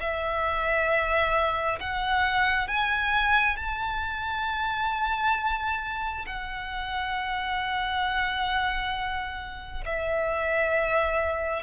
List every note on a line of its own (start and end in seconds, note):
0.00 1.79 E5
1.80 2.68 F#5
2.68 3.57 G#5
3.57 6.25 A5
6.26 9.84 F#5
9.85 11.63 E5